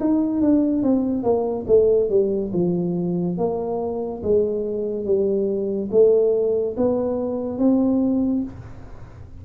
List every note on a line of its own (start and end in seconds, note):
0.00 0.41 D#4
0.41 0.83 D4
0.83 1.23 C4
1.23 1.66 A#3
1.67 2.09 A3
2.09 2.52 G3
2.53 3.38 F3
3.38 4.22 A#3
4.23 5.05 G#3
5.05 5.90 G3
5.91 6.76 A3
6.77 7.59 B3
7.59 8.43 C4